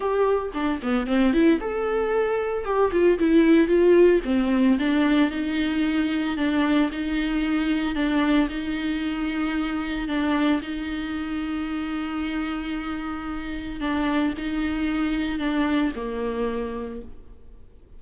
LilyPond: \new Staff \with { instrumentName = "viola" } { \time 4/4 \tempo 4 = 113 g'4 d'8 b8 c'8 e'8 a'4~ | a'4 g'8 f'8 e'4 f'4 | c'4 d'4 dis'2 | d'4 dis'2 d'4 |
dis'2. d'4 | dis'1~ | dis'2 d'4 dis'4~ | dis'4 d'4 ais2 | }